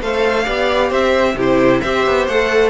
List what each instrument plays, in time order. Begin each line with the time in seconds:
0.00 cello A3, viola A4, violin C5 F5
0.44 cello B3, viola G4, violin D5
0.89 cello C4, violin C5 E5
1.35 cello C3, viola E4, violin G4
1.41 violin C5
1.81 cello C4, viola G4, violin C5 E5
2.06 cello B3
2.27 cello A3, viola A4, violin F#5